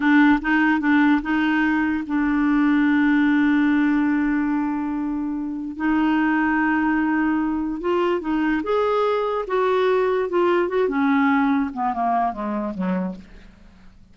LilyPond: \new Staff \with { instrumentName = "clarinet" } { \time 4/4 \tempo 4 = 146 d'4 dis'4 d'4 dis'4~ | dis'4 d'2.~ | d'1~ | d'2 dis'2~ |
dis'2. f'4 | dis'4 gis'2 fis'4~ | fis'4 f'4 fis'8 cis'4.~ | cis'8 b8 ais4 gis4 fis4 | }